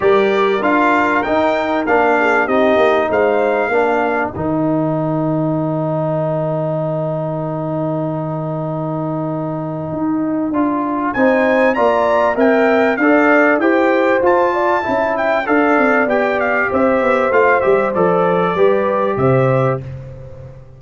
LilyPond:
<<
  \new Staff \with { instrumentName = "trumpet" } { \time 4/4 \tempo 4 = 97 d''4 f''4 g''4 f''4 | dis''4 f''2 g''4~ | g''1~ | g''1~ |
g''2 gis''4 ais''4 | g''4 f''4 g''4 a''4~ | a''8 g''8 f''4 g''8 f''8 e''4 | f''8 e''8 d''2 e''4 | }
  \new Staff \with { instrumentName = "horn" } { \time 4/4 ais'2.~ ais'8 gis'8 | g'4 c''4 ais'2~ | ais'1~ | ais'1~ |
ais'2 c''4 d''4 | e''4 d''4 c''4. d''8 | e''4 d''2 c''4~ | c''2 b'4 c''4 | }
  \new Staff \with { instrumentName = "trombone" } { \time 4/4 g'4 f'4 dis'4 d'4 | dis'2 d'4 dis'4~ | dis'1~ | dis'1~ |
dis'4 f'4 dis'4 f'4 | ais'4 a'4 g'4 f'4 | e'4 a'4 g'2 | f'8 g'8 a'4 g'2 | }
  \new Staff \with { instrumentName = "tuba" } { \time 4/4 g4 d'4 dis'4 ais4 | c'8 ais8 gis4 ais4 dis4~ | dis1~ | dis1 |
dis'4 d'4 c'4 ais4 | c'4 d'4 e'4 f'4 | cis'4 d'8 c'8 b4 c'8 b8 | a8 g8 f4 g4 c4 | }
>>